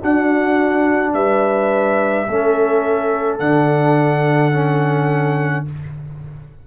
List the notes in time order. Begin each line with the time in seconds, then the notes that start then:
0.00 D4 F#4 F#5
1.13 G3 B4 E5
2.27 A3 C#4 A4
3.39 D3 D4 F#5
4.52 C#4